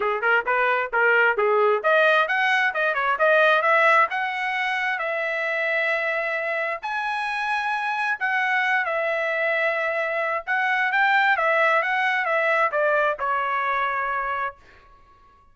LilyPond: \new Staff \with { instrumentName = "trumpet" } { \time 4/4 \tempo 4 = 132 gis'8 ais'8 b'4 ais'4 gis'4 | dis''4 fis''4 dis''8 cis''8 dis''4 | e''4 fis''2 e''4~ | e''2. gis''4~ |
gis''2 fis''4. e''8~ | e''2. fis''4 | g''4 e''4 fis''4 e''4 | d''4 cis''2. | }